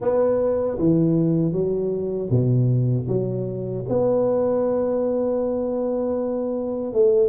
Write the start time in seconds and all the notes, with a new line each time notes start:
0.01 B3
0.78 E3
1.52 F#3
2.30 B2
3.07 F#3
3.88 B3
6.93 A3